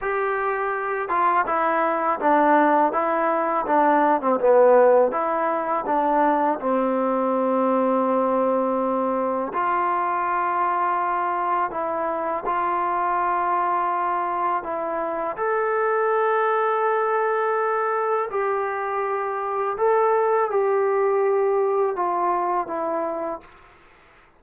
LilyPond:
\new Staff \with { instrumentName = "trombone" } { \time 4/4 \tempo 4 = 82 g'4. f'8 e'4 d'4 | e'4 d'8. c'16 b4 e'4 | d'4 c'2.~ | c'4 f'2. |
e'4 f'2. | e'4 a'2.~ | a'4 g'2 a'4 | g'2 f'4 e'4 | }